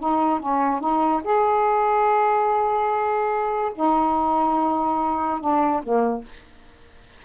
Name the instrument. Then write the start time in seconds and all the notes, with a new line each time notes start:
saxophone
0.00 D#4
0.40 C#4
0.81 D#4
1.24 G#4
3.75 D#4
5.41 D4
5.83 A#3